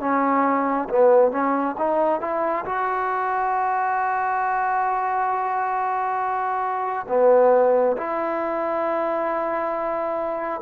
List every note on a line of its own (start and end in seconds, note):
0.00 0.88 C#4
0.89 1.31 B3
1.31 1.75 C#4
1.78 2.21 D#4
2.21 2.65 E4
2.65 7.06 F#4
7.08 7.96 B3
7.97 10.61 E4